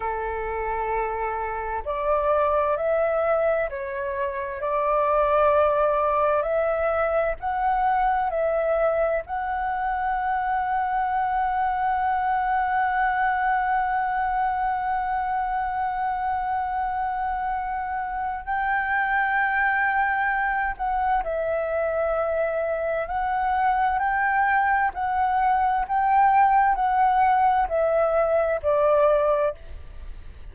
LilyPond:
\new Staff \with { instrumentName = "flute" } { \time 4/4 \tempo 4 = 65 a'2 d''4 e''4 | cis''4 d''2 e''4 | fis''4 e''4 fis''2~ | fis''1~ |
fis''1 | g''2~ g''8 fis''8 e''4~ | e''4 fis''4 g''4 fis''4 | g''4 fis''4 e''4 d''4 | }